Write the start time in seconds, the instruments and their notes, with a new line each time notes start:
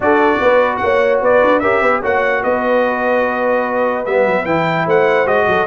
0.00 tuba D4, trombone F#4, horn A4, trumpet D5
0.39 tuba B3, horn B4
0.77 tuba A#3, trumpet F#5
0.83 horn C#5
1.21 tuba B3, horn B4, trumpet D5
1.43 tuba D4
1.59 tuba C#4, trombone G4, horn A#4, trumpet E5
1.81 tuba B3, horn B4
2.02 tuba A#3, trombone F#4, horn C#5, trumpet F#5
2.43 tuba B3, horn B4, trumpet D#5
4.05 tuba G3, trombone B3, trumpet E5
4.26 tuba F#3
4.45 tuba E3, trombone E4, trumpet G5
4.85 tuba A3, horn C5, trumpet F#5
5.26 tuba G#3, trombone F#4, trumpet D#5
5.47 tuba F#3, horn A4